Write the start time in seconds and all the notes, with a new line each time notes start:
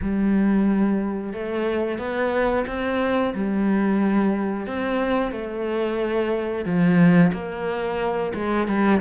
0.01 G3
1.33 A3
1.98 B3
2.66 C4
3.34 G3
4.66 C4
5.32 A3
6.65 F3
7.32 A#3
8.34 G#3
8.67 G3